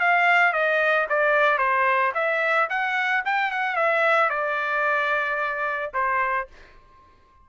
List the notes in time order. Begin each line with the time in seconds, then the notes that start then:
0.00 F5
0.53 D#5
1.09 D5
1.58 C5
2.14 E5
2.70 F#5
3.25 G5
3.51 F#5
3.76 E5
4.30 D5
5.94 C5